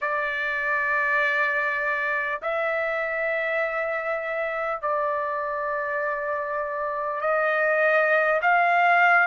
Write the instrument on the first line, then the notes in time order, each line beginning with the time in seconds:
trumpet
0.01 D5
2.42 E5
4.81 D5
7.20 D#5
8.42 F5